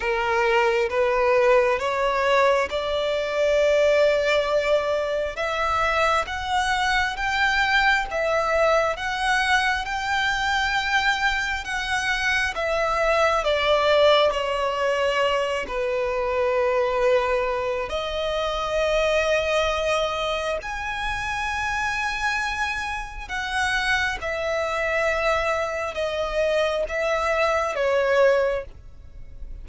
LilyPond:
\new Staff \with { instrumentName = "violin" } { \time 4/4 \tempo 4 = 67 ais'4 b'4 cis''4 d''4~ | d''2 e''4 fis''4 | g''4 e''4 fis''4 g''4~ | g''4 fis''4 e''4 d''4 |
cis''4. b'2~ b'8 | dis''2. gis''4~ | gis''2 fis''4 e''4~ | e''4 dis''4 e''4 cis''4 | }